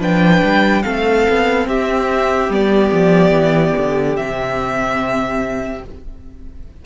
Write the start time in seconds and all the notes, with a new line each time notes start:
0.00 F3 D4 B4 G5
0.43 G3
0.83 A3 C4 A4 F5
1.29 B3
1.67 C4 G4 E5
2.49 G3 B3 D5
2.93 F3
3.31 E3
3.77 D3
4.16 C3 C4 E5